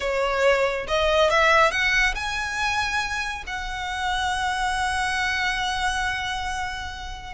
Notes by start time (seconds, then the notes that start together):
0.00 C#5
0.87 D#5
1.30 E5
1.71 F#5
2.14 G#5
3.46 F#5